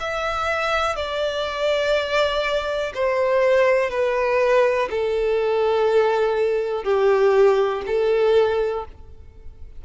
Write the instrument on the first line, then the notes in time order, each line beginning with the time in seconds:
violin
0.00 E5
0.96 D5
2.94 C5
3.90 B4
4.90 A4
6.84 G4
7.87 A4